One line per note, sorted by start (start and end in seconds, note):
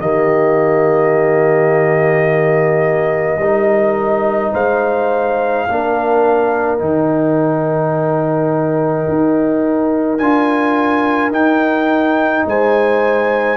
0.00 3.38 D#3
0.00 3.41 A#3
0.00 3.40 G4
0.00 4.54 D#5
3.38 4.51 G3
3.38 5.68 D#4
3.38 4.53 A#4
4.53 5.67 G#3
4.53 5.66 C5
4.53 6.79 F5
5.69 6.80 A#3
5.69 6.79 D4
5.69 12.48 A#4
6.79 9.07 D#3
6.79 10.18 D#4
6.79 10.18 G5
9.08 10.19 D#4
10.18 11.31 D4
10.18 11.31 F4
10.18 11.31 G#5
11.31 12.44 D#4
11.31 13.57 D#4
11.31 12.46 G5
12.46 13.57 G#3
12.46 13.57 C5
12.46 13.57 G#5